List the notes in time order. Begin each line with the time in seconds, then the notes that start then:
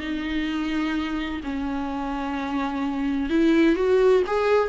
0.00 D#4
1.43 C#4
3.29 E4
3.75 F#4
4.27 G#4